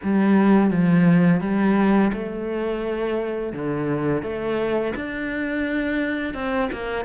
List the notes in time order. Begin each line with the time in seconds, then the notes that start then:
0.03 G3
0.70 F3
1.41 G3
2.13 A3
3.52 D3
4.23 A3
4.95 D4
6.33 C4
6.72 A#3